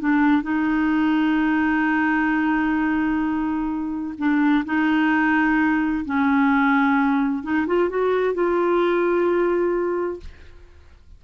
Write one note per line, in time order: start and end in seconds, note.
0.00 0.42 D4
0.42 4.14 D#4
4.18 4.64 D4
4.65 6.05 D#4
6.05 7.43 C#4
7.43 7.66 D#4
7.67 7.89 F4
7.89 8.34 F#4
8.34 10.20 F4